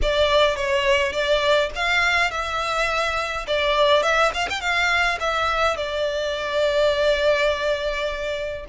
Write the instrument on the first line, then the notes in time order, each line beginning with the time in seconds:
violin
0.02 D5
0.56 C#5
1.12 D5
1.75 F5
2.30 E5
3.47 D5
4.03 E5
4.34 F5
4.49 G5
4.60 F5
5.19 E5
5.76 D5